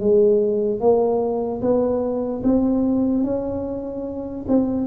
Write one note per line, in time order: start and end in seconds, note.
0.00 0.80 G#3
0.80 1.61 A#3
1.61 2.43 B3
2.44 3.24 C4
3.24 4.46 C#4
4.49 4.87 C4